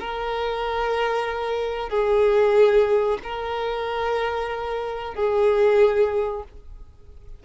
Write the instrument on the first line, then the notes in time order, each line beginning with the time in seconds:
violin
0.00 A#4
1.90 G#4
3.24 A#4
5.15 G#4